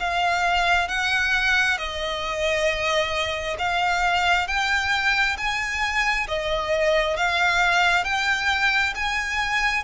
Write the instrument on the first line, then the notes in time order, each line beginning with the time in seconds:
violin
0.00 F5
0.88 F#5
1.78 D#5
3.59 F5
4.47 G5
5.37 G#5
6.28 D#5
7.16 F5
8.04 G5
8.96 G#5